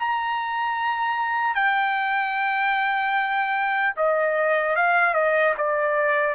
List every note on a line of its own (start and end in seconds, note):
0.00 1.55 A#5
1.55 3.95 G5
3.97 4.76 D#5
4.76 5.14 F5
5.14 5.54 D#5
5.58 6.35 D5